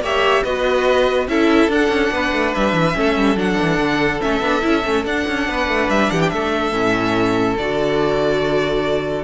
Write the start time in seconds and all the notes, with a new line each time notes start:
0.00 A#3 G4 C#5 E5
0.43 B3 F#4 B4 D#5
1.28 C#4 E4 A4 E5
1.68 D4 F#5
1.88 C#4
2.10 B3 B4
2.32 A3
2.54 G3 E5
2.73 E3
2.93 A3 C#4 A4
3.16 G3
3.35 F#3 D4 F#5
3.61 E3
3.78 D3
4.20 A3 C#4 E5
4.40 B3 D4
4.61 C#4 E4
4.84 A3 C#4
5.04 D4 F#5
5.27 C#4
5.48 B3 B4
5.68 A3
5.89 G3 E5
6.10 E3 G4 F#5
6.20 G5
6.29 A3 A4 E5
6.72 A2 C#4
7.57 D3 F#4 D5